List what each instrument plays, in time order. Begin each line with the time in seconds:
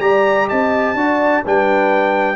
0.00 tuba G3, trombone G4, horn D5, trumpet A#5
0.48 tuba C4, horn D#5, trumpet A5
0.94 tuba D4, trombone F#4, horn D5
1.44 tuba G3, trombone D4, horn B4, trumpet G5